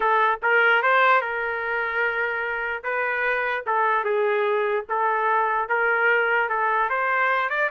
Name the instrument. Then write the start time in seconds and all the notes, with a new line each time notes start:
trumpet
0.00 A4
0.42 A#4
0.82 C5
1.21 A#4
2.83 B4
3.66 A4
4.04 G#4
4.89 A4
5.68 A#4
6.49 A4
6.89 C5
7.49 D5